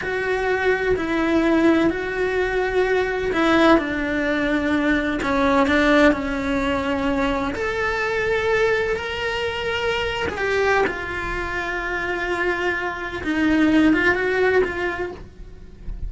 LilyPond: \new Staff \with { instrumentName = "cello" } { \time 4/4 \tempo 4 = 127 fis'2 e'2 | fis'2. e'4 | d'2. cis'4 | d'4 cis'2. |
a'2. ais'4~ | ais'4.~ ais'16 gis'16 g'4 f'4~ | f'1 | dis'4. f'8 fis'4 f'4 | }